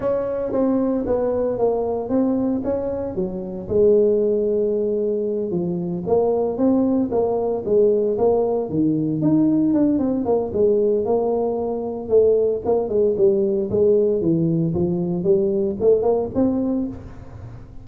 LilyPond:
\new Staff \with { instrumentName = "tuba" } { \time 4/4 \tempo 4 = 114 cis'4 c'4 b4 ais4 | c'4 cis'4 fis4 gis4~ | gis2~ gis8 f4 ais8~ | ais8 c'4 ais4 gis4 ais8~ |
ais8 dis4 dis'4 d'8 c'8 ais8 | gis4 ais2 a4 | ais8 gis8 g4 gis4 e4 | f4 g4 a8 ais8 c'4 | }